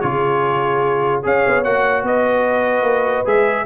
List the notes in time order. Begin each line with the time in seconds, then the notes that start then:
0.00 C#3 F4 G#4 C#5
1.23 C#4 G#4 C#5 F5
1.46 B3
1.63 A#3 F#4 F#5
2.03 B3 B4 D#5
2.82 A#3
3.25 G#3 G#4 E5